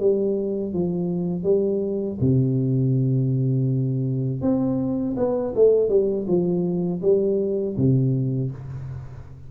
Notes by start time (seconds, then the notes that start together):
0.00 G3
0.74 F3
1.44 G3
2.21 C3
4.42 C4
5.17 B3
5.56 A3
5.89 G3
6.28 F3
7.02 G3
7.77 C3